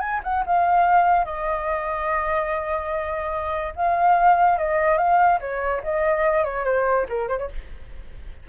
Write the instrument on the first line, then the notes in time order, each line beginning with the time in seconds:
flute
0.00 G#5
0.23 F#5
0.46 F5
1.25 D#5
3.76 F5
4.58 D#5
4.98 F5
5.40 C#5
5.83 D#5
6.44 C#5
6.65 C5
7.09 A#4
7.28 C5
7.38 C#5